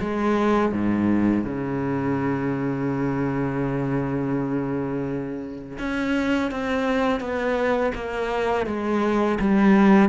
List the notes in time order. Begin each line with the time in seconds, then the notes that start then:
0.00 G#3
0.72 G#2
1.44 C#3
5.78 C#4
6.51 C4
7.20 B3
7.94 A#3
8.66 G#3
9.39 G3